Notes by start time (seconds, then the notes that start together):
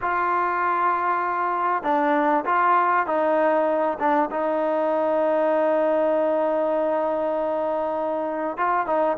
0.01 F4
1.83 D4
2.45 F4
3.06 D#4
3.99 D4
4.31 D#4
8.57 F4
8.86 D#4